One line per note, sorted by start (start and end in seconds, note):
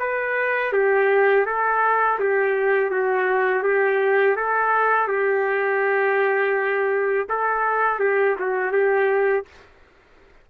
0.00 0.73 B4
0.73 1.46 G4
1.46 2.20 A4
2.20 2.91 G4
2.91 3.63 F#4
3.63 4.36 G4
4.36 5.08 A4
5.08 7.28 G4
7.30 8.00 A4
8.00 8.36 G4
8.40 8.73 F#4
8.73 9.46 G4